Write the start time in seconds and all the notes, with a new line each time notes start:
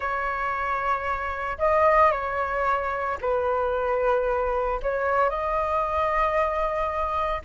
0.00 C#5
1.58 D#5
2.11 C#5
3.21 B4
4.82 C#5
5.29 D#5